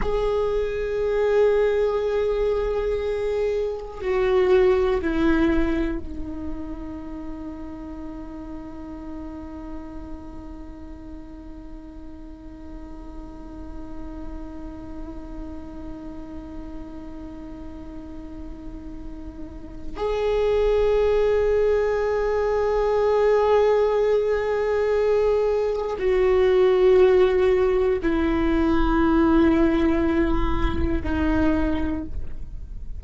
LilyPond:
\new Staff \with { instrumentName = "viola" } { \time 4/4 \tempo 4 = 60 gis'1 | fis'4 e'4 dis'2~ | dis'1~ | dis'1~ |
dis'1 | gis'1~ | gis'2 fis'2 | e'2. dis'4 | }